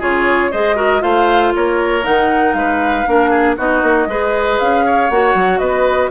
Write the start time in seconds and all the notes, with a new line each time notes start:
0.00 C#3 F4 G#4 C#5
0.51 G#3 G#4 C5 D#5
0.76 F#4 A#4
1.01 A3 F4 C5 F5
1.55 A#3 A#4 C#5
2.03 D#3 D#4 F#5
2.53 G#3 B4 F5
3.07 A#3 D4 A#4
3.30 G#4
3.57 B3 D#4 F#4 D#5
3.82 A#3
4.07 G#3 G#4 B4
4.59 C#4 F5
4.86 C#5
5.10 A#3 F#4 F#5
5.35 F#3
5.59 B3 B4 D#5